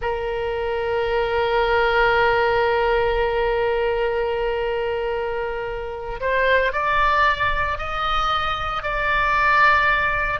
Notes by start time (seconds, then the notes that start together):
0.01 A#4
6.20 C5
6.72 D5
7.78 D#5
8.82 D5